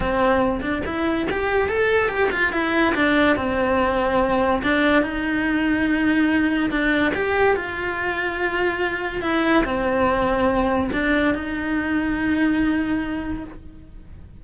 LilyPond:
\new Staff \with { instrumentName = "cello" } { \time 4/4 \tempo 4 = 143 c'4. d'8 e'4 g'4 | a'4 g'8 f'8 e'4 d'4 | c'2. d'4 | dis'1 |
d'4 g'4 f'2~ | f'2 e'4 c'4~ | c'2 d'4 dis'4~ | dis'1 | }